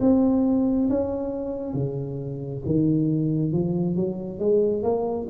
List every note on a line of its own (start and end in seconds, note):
0.00 0.88 C4
0.89 1.73 C#4
1.73 2.61 C#3
2.66 3.52 D#3
3.52 3.95 F3
3.95 4.39 F#3
4.39 4.82 G#3
4.82 5.27 A#3